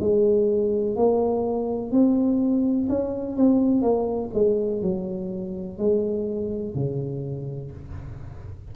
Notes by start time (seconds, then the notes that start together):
0.00 G#3
0.96 A#3
1.92 C4
2.89 C#4
3.37 C4
3.82 A#3
4.34 G#3
4.82 F#3
5.78 G#3
6.75 C#3